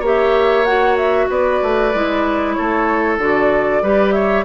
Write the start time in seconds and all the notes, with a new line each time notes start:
0.00 A#3 G4 C#5
0.07 E5
0.65 F#4 F#5
0.97 E5
1.30 B3 B4 D5
1.63 A3
1.94 G#3 E4
2.54 A3 A4 C#5
3.19 D3 F#4 D5
3.82 G3 G4 B4
4.13 C#5 E5